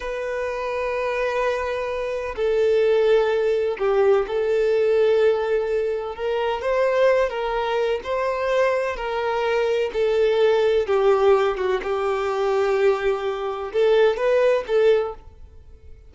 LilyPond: \new Staff \with { instrumentName = "violin" } { \time 4/4 \tempo 4 = 127 b'1~ | b'4 a'2. | g'4 a'2.~ | a'4 ais'4 c''4. ais'8~ |
ais'4 c''2 ais'4~ | ais'4 a'2 g'4~ | g'8 fis'8 g'2.~ | g'4 a'4 b'4 a'4 | }